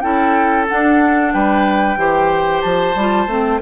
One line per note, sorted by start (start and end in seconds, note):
0.00 0.68 C#4
0.00 0.67 E4
0.00 1.33 A4
0.00 0.65 G5
0.68 1.97 D4
0.68 1.34 D4
0.68 1.32 F#5
1.32 1.96 G3
1.32 1.99 B4
1.32 2.61 G5
1.96 2.62 E3
1.96 2.95 G4
1.96 3.61 C5
2.61 2.95 F3
2.61 3.59 A5
2.95 3.26 G3
2.95 3.28 F4
3.26 3.59 A3
3.26 3.60 C4